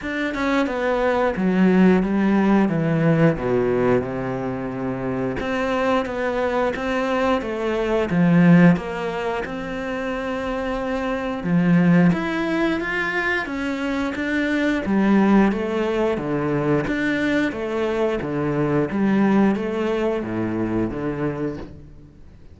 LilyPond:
\new Staff \with { instrumentName = "cello" } { \time 4/4 \tempo 4 = 89 d'8 cis'8 b4 fis4 g4 | e4 b,4 c2 | c'4 b4 c'4 a4 | f4 ais4 c'2~ |
c'4 f4 e'4 f'4 | cis'4 d'4 g4 a4 | d4 d'4 a4 d4 | g4 a4 a,4 d4 | }